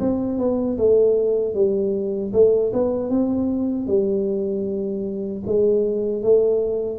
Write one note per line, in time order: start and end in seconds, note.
0.00 0.38 C4
0.38 0.77 B3
0.78 1.54 A3
1.54 2.32 G3
2.33 2.72 A3
2.73 3.10 B3
3.10 3.87 C4
3.87 5.43 G3
5.46 6.23 G#3
6.23 6.99 A3